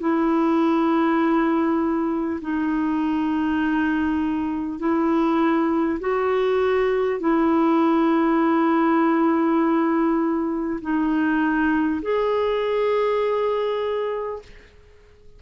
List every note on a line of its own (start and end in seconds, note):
0.00 2.40 E4
2.41 4.79 D#4
4.79 5.99 E4
5.99 7.19 F#4
7.20 10.80 E4
10.81 12.01 D#4
12.02 14.42 G#4